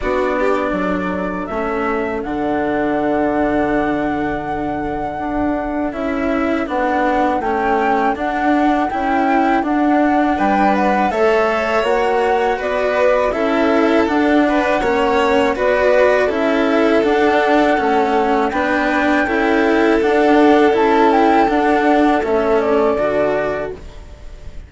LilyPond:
<<
  \new Staff \with { instrumentName = "flute" } { \time 4/4 \tempo 4 = 81 d''2 e''4 fis''4~ | fis''1 | e''4 fis''4 g''4 fis''4 | g''4 fis''4 g''8 fis''8 e''4 |
fis''4 d''4 e''4 fis''4~ | fis''4 d''4 e''4 fis''4~ | fis''4 g''2 fis''4 | a''8 g''8 fis''4 e''8 d''4. | }
  \new Staff \with { instrumentName = "violin" } { \time 4/4 fis'8 g'8 a'2.~ | a'1~ | a'1~ | a'2 b'4 cis''4~ |
cis''4 b'4 a'4. b'8 | cis''4 b'4 a'2~ | a'4 b'4 a'2~ | a'1 | }
  \new Staff \with { instrumentName = "cello" } { \time 4/4 d'2 cis'4 d'4~ | d'1 | e'4 d'4 cis'4 d'4 | e'4 d'2 a'4 |
fis'2 e'4 d'4 | cis'4 fis'4 e'4 d'4 | cis'4 d'4 e'4 d'4 | e'4 d'4 cis'4 fis'4 | }
  \new Staff \with { instrumentName = "bassoon" } { \time 4/4 b4 fis4 a4 d4~ | d2. d'4 | cis'4 b4 a4 d'4 | cis'4 d'4 g4 a4 |
ais4 b4 cis'4 d'4 | ais4 b4 cis'4 d'4 | a4 b4 cis'4 d'4 | cis'4 d'4 a4 d4 | }
>>